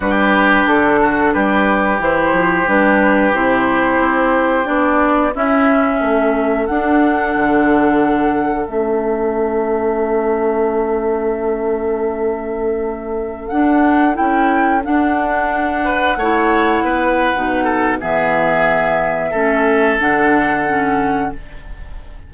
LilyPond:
<<
  \new Staff \with { instrumentName = "flute" } { \time 4/4 \tempo 4 = 90 b'4 a'4 b'4 c''4 | b'4 c''2 d''4 | e''2 fis''2~ | fis''4 e''2.~ |
e''1~ | e''16 fis''4 g''4 fis''4.~ fis''16~ | fis''2. e''4~ | e''2 fis''2 | }
  \new Staff \with { instrumentName = "oboe" } { \time 4/4 g'4. fis'8 g'2~ | g'1 | e'4 a'2.~ | a'1~ |
a'1~ | a'2.~ a'8. b'16~ | b'16 cis''4 b'4~ b'16 a'8 gis'4~ | gis'4 a'2. | }
  \new Staff \with { instrumentName = "clarinet" } { \time 4/4 d'2. e'4 | d'4 e'2 d'4 | cis'2 d'2~ | d'4 cis'2.~ |
cis'1~ | cis'16 d'4 e'4 d'4.~ d'16~ | d'16 e'4.~ e'16 dis'4 b4~ | b4 cis'4 d'4 cis'4 | }
  \new Staff \with { instrumentName = "bassoon" } { \time 4/4 g4 d4 g4 e8 f8 | g4 c4 c'4 b4 | cis'4 a4 d'4 d4~ | d4 a2.~ |
a1~ | a16 d'4 cis'4 d'4.~ d'16~ | d'16 a4 b8. b,4 e4~ | e4 a4 d2 | }
>>